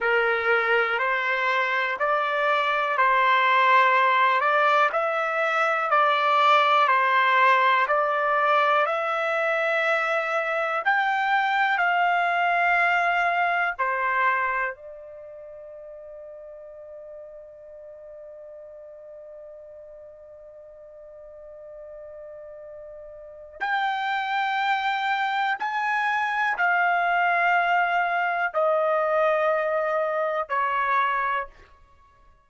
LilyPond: \new Staff \with { instrumentName = "trumpet" } { \time 4/4 \tempo 4 = 61 ais'4 c''4 d''4 c''4~ | c''8 d''8 e''4 d''4 c''4 | d''4 e''2 g''4 | f''2 c''4 d''4~ |
d''1~ | d''1 | g''2 gis''4 f''4~ | f''4 dis''2 cis''4 | }